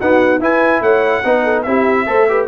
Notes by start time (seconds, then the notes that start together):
0.00 B3 D#4 F#4 F#5
0.40 E4 B4 G#5
0.81 A3 C#5 F#5
1.25 B3 D#4 B4
1.44 A4
1.63 C4 E4 G4 E5
2.07 A3 A4 C5
2.29 G4 B4